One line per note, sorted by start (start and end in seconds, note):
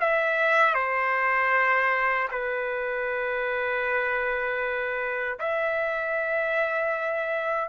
0.00 0.74 E5
0.74 2.28 C5
2.31 5.39 B4
5.39 7.69 E5